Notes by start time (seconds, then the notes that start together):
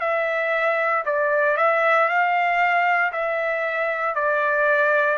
0.00 E5
1.05 D5
1.57 E5
2.08 F5
3.12 E5
4.14 D5